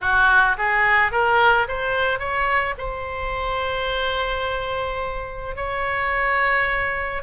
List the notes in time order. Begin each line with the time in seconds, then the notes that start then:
0.01 F#4
0.57 G#4
1.11 A#4
1.68 C5
2.19 C#5
2.78 C5
5.56 C#5